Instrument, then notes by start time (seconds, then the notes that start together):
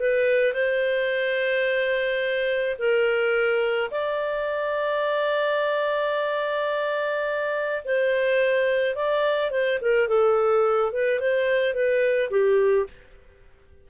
clarinet
0.00 B4
0.53 C5
2.79 A#4
3.91 D5
7.85 C5
8.95 D5
9.51 C5
9.81 A#4
10.08 A4
10.93 B4
11.20 C5
11.74 B4
12.31 G4